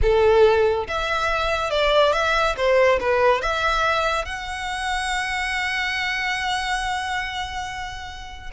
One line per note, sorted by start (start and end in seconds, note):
0.02 0.87 A4
0.87 1.70 E5
1.70 2.12 D5
2.13 2.55 E5
2.56 2.99 C5
3.00 3.41 B4
3.41 4.25 E5
4.25 8.50 F#5